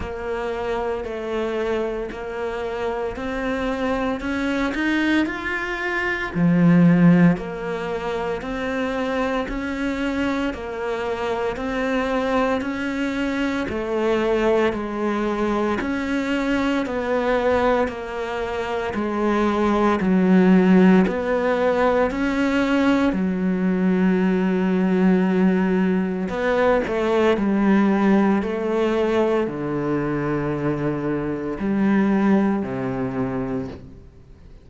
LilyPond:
\new Staff \with { instrumentName = "cello" } { \time 4/4 \tempo 4 = 57 ais4 a4 ais4 c'4 | cis'8 dis'8 f'4 f4 ais4 | c'4 cis'4 ais4 c'4 | cis'4 a4 gis4 cis'4 |
b4 ais4 gis4 fis4 | b4 cis'4 fis2~ | fis4 b8 a8 g4 a4 | d2 g4 c4 | }